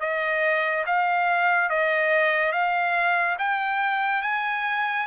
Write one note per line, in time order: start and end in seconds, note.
0.00 0.85 D#5
0.86 1.70 F5
1.70 2.52 D#5
2.52 3.37 F5
3.39 4.22 G5
4.22 5.07 G#5